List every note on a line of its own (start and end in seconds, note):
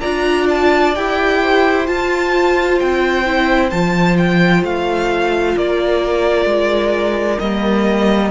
0.00 0.96 D4
0.00 0.94 F4
0.00 1.39 D5
0.00 0.46 A#5
0.49 0.95 A5
0.95 1.88 E4
0.95 1.86 G4
0.95 1.86 G5
1.41 5.55 C5
1.86 3.24 F4
1.86 2.80 F4
1.86 2.78 A5
2.79 3.72 C4
2.79 3.70 G5
3.24 3.71 E4
3.70 4.63 F3
3.70 7.41 F4
3.70 4.16 A5
4.17 4.63 G5
4.63 5.55 A3
4.63 5.57 F5
5.55 6.45 A#3
5.55 8.31 A#4
5.55 7.39 D5
6.45 7.37 G#3
7.39 8.31 G3
7.39 8.31 A#3
7.39 8.31 D#5